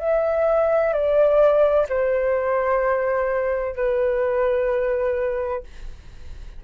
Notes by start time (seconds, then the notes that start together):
0.00 E5
0.93 D5
1.89 C5
3.76 B4